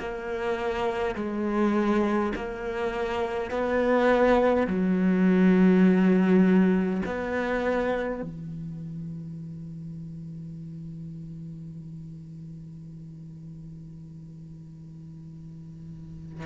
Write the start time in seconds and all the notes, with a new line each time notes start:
0.00 A#3
1.16 G#3
2.36 A#3
3.51 B3
4.67 F#3
7.06 B3
8.23 E3